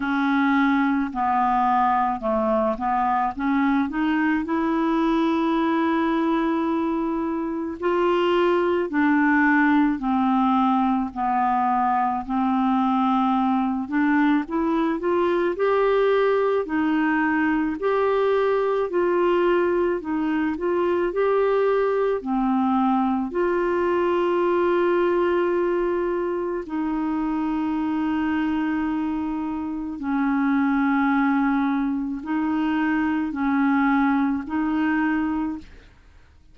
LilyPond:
\new Staff \with { instrumentName = "clarinet" } { \time 4/4 \tempo 4 = 54 cis'4 b4 a8 b8 cis'8 dis'8 | e'2. f'4 | d'4 c'4 b4 c'4~ | c'8 d'8 e'8 f'8 g'4 dis'4 |
g'4 f'4 dis'8 f'8 g'4 | c'4 f'2. | dis'2. cis'4~ | cis'4 dis'4 cis'4 dis'4 | }